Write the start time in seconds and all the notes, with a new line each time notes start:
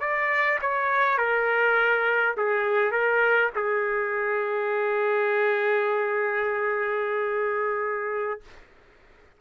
0.00 D5
0.61 C#5
1.18 A#4
2.37 G#4
2.91 A#4
3.55 G#4